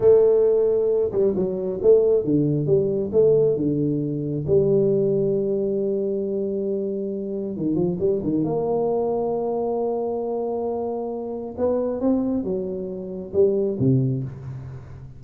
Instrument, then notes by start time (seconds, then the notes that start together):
tuba
0.00 A3
1.11 G3
1.35 F#3
1.82 A3
2.24 D3
2.66 G3
3.12 A3
3.56 D3
4.46 G3
7.56 D#3
7.75 F3
7.99 G3
8.22 D#3
8.44 A#3
11.57 B3
12.00 C4
12.43 F#3
13.33 G3
13.79 C3